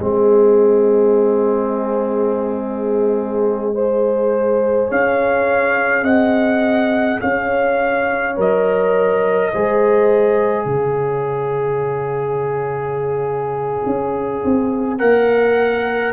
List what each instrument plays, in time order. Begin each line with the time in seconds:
0.00 tuba G#3, trombone C4, horn G#4, trumpet D#5
3.74 trombone G#4, horn C5
4.88 tuba C#4, horn C#5, trumpet F5
6.02 tuba C4, horn D#5, trumpet F#5
7.21 tuba C#4, horn C#5, trumpet F5
8.37 tuba F#3, trombone A#4, trumpet D#5
9.54 tuba G#3, trombone G#4, horn C5
10.66 tuba C#3, horn C#5, trumpet F5
13.86 tuba C#4
14.45 tuba C4
14.99 tuba A#3, trombone A#4, trumpet F#5